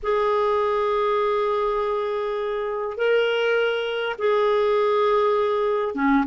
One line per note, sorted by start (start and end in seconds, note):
0.03 2.97 G#4
2.97 4.16 A#4
4.18 5.94 G#4
5.94 6.24 C#4